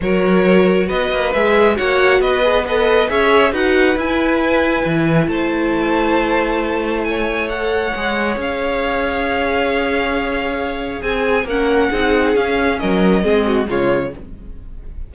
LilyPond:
<<
  \new Staff \with { instrumentName = "violin" } { \time 4/4 \tempo 4 = 136 cis''2 dis''4 e''4 | fis''4 dis''4 b'4 e''4 | fis''4 gis''2. | a''1 |
gis''4 fis''2 f''4~ | f''1~ | f''4 gis''4 fis''2 | f''4 dis''2 cis''4 | }
  \new Staff \with { instrumentName = "violin" } { \time 4/4 ais'2 b'2 | cis''4 b'4 dis''4 cis''4 | b'1 | c''1 |
cis''1~ | cis''1~ | cis''4 gis'4 ais'4 gis'4~ | gis'4 ais'4 gis'8 fis'8 f'4 | }
  \new Staff \with { instrumentName = "viola" } { \time 4/4 fis'2. gis'4 | fis'4. gis'8 a'4 gis'4 | fis'4 e'2.~ | e'1~ |
e'4 a'4 gis'2~ | gis'1~ | gis'2 cis'4 dis'4 | cis'2 c'4 gis4 | }
  \new Staff \with { instrumentName = "cello" } { \time 4/4 fis2 b8 ais8 gis4 | ais4 b2 cis'4 | dis'4 e'2 e4 | a1~ |
a2 gis4 cis'4~ | cis'1~ | cis'4 c'4 ais4 c'4 | cis'4 fis4 gis4 cis4 | }
>>